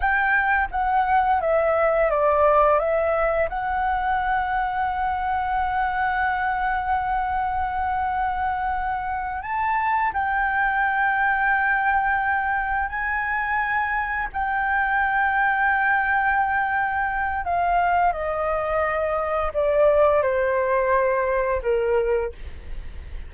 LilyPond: \new Staff \with { instrumentName = "flute" } { \time 4/4 \tempo 4 = 86 g''4 fis''4 e''4 d''4 | e''4 fis''2.~ | fis''1~ | fis''4. a''4 g''4.~ |
g''2~ g''8 gis''4.~ | gis''8 g''2.~ g''8~ | g''4 f''4 dis''2 | d''4 c''2 ais'4 | }